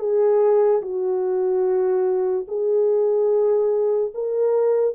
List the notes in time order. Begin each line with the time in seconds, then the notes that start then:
0.00 G#4
0.82 F#4
2.48 G#4
4.15 A#4